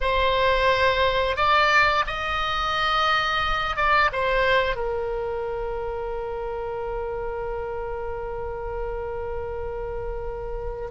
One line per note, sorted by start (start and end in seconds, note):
0.01 1.36 C5
1.36 2.04 D5
2.06 3.76 D#5
3.76 4.10 D5
4.12 4.75 C5
4.75 10.89 A#4